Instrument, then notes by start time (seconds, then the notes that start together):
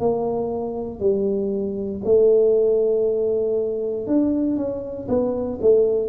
tuba
0.00 A#3
1.00 G3
2.05 A3
4.07 D4
4.57 C#4
5.08 B3
5.62 A3